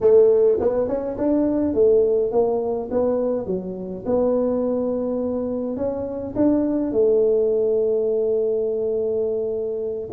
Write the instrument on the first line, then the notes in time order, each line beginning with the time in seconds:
tuba
0.00 A3
0.60 B3
0.88 C#4
1.17 D4
1.74 A3
2.31 A#3
2.90 B3
3.46 F#3
4.05 B3
5.76 C#4
6.35 D4
6.92 A3